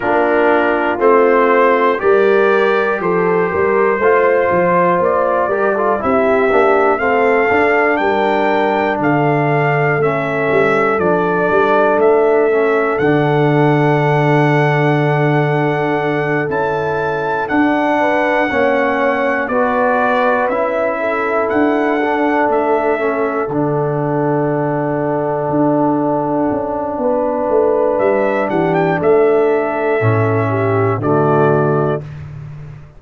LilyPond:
<<
  \new Staff \with { instrumentName = "trumpet" } { \time 4/4 \tempo 4 = 60 ais'4 c''4 d''4 c''4~ | c''4 d''4 e''4 f''4 | g''4 f''4 e''4 d''4 | e''4 fis''2.~ |
fis''8 a''4 fis''2 d''8~ | d''8 e''4 fis''4 e''4 fis''8~ | fis''1 | e''8 fis''16 g''16 e''2 d''4 | }
  \new Staff \with { instrumentName = "horn" } { \time 4/4 f'2 ais'4 a'8 ais'8 | c''4. ais'16 a'16 g'4 a'4 | ais'4 a'2.~ | a'1~ |
a'2 b'8 cis''4 b'8~ | b'4 a'2.~ | a'2. b'4~ | b'8 g'8 a'4. g'8 fis'4 | }
  \new Staff \with { instrumentName = "trombone" } { \time 4/4 d'4 c'4 g'2 | f'4. g'16 f'16 e'8 d'8 c'8 d'8~ | d'2 cis'4 d'4~ | d'8 cis'8 d'2.~ |
d'8 e'4 d'4 cis'4 fis'8~ | fis'8 e'4. d'4 cis'8 d'8~ | d'1~ | d'2 cis'4 a4 | }
  \new Staff \with { instrumentName = "tuba" } { \time 4/4 ais4 a4 g4 f8 g8 | a8 f8 ais8 g8 c'8 ais8 a8 d'8 | g4 d4 a8 g8 f8 g8 | a4 d2.~ |
d8 cis'4 d'4 ais4 b8~ | b8 cis'4 d'4 a4 d8~ | d4. d'4 cis'8 b8 a8 | g8 e8 a4 a,4 d4 | }
>>